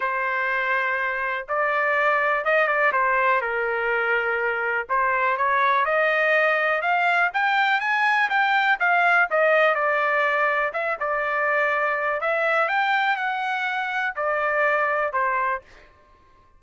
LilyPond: \new Staff \with { instrumentName = "trumpet" } { \time 4/4 \tempo 4 = 123 c''2. d''4~ | d''4 dis''8 d''8 c''4 ais'4~ | ais'2 c''4 cis''4 | dis''2 f''4 g''4 |
gis''4 g''4 f''4 dis''4 | d''2 e''8 d''4.~ | d''4 e''4 g''4 fis''4~ | fis''4 d''2 c''4 | }